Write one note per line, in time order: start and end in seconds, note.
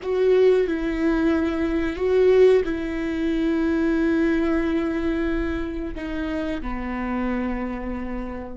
0.02 0.67 F#4
0.67 1.96 E4
1.96 2.62 F#4
2.65 5.94 E4
5.95 6.61 D#4
6.61 8.57 B3